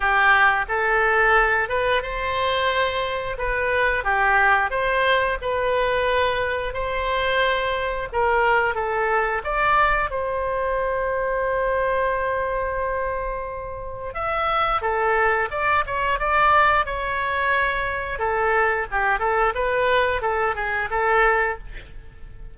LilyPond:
\new Staff \with { instrumentName = "oboe" } { \time 4/4 \tempo 4 = 89 g'4 a'4. b'8 c''4~ | c''4 b'4 g'4 c''4 | b'2 c''2 | ais'4 a'4 d''4 c''4~ |
c''1~ | c''4 e''4 a'4 d''8 cis''8 | d''4 cis''2 a'4 | g'8 a'8 b'4 a'8 gis'8 a'4 | }